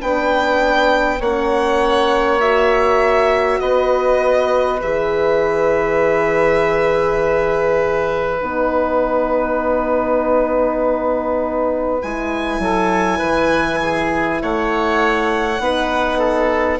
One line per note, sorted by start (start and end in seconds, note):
0.00 1.20 B3
0.00 1.20 D4
0.00 1.19 B4
0.00 1.21 G5
1.19 3.60 A#3
1.19 2.41 C#4
1.19 3.59 C#5
1.19 2.40 F#5
2.40 4.80 F#4
2.40 3.60 E5
3.60 4.82 B3
3.60 12.61 B4
3.60 4.80 D#5
4.82 8.42 E3
4.82 8.40 G#4
4.82 8.42 E5
8.40 12.02 B3
8.40 12.00 D#4
8.40 12.02 F#5
12.02 12.59 G#3
12.02 15.60 E4
12.02 14.42 G#5
12.59 13.19 F#3
12.59 13.18 A4
13.18 14.42 E3
13.18 13.78 B4
13.82 14.42 G#4
14.42 15.59 A3
14.42 15.62 C#5
14.42 16.80 F#5
15.59 16.79 B3
15.59 16.80 D#4
15.59 16.18 B4
16.18 16.79 A4